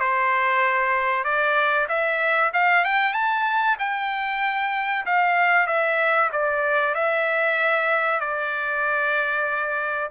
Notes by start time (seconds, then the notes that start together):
0.00 C5
1.24 D5
1.89 E5
2.54 F5
2.84 G5
3.14 A5
3.79 G5
5.06 F5
5.67 E5
6.32 D5
6.95 E5
8.20 D5